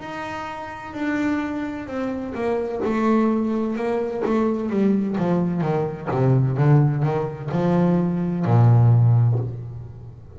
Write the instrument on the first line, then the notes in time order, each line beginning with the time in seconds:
double bass
0.00 D#4
0.93 D4
1.87 C4
2.34 A#3
2.85 A3
3.76 A#3
4.25 A3
4.70 G3
5.18 F3
5.61 D#3
6.11 C3
6.57 D3
7.03 D#3
7.51 F3
8.45 A#2